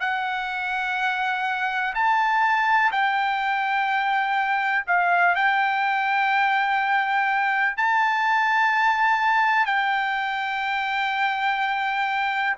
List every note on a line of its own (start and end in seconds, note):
0.00 1.94 F#5
1.94 2.91 A5
2.91 4.85 G5
4.87 5.35 F5
5.35 7.77 G5
7.77 9.66 A5
9.66 12.56 G5